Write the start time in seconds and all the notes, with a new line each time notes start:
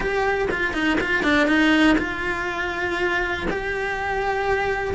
0.00 G4
0.50 F4
0.73 D#4
1.00 F4
1.23 D4
1.47 D#4
1.98 F4
3.50 G4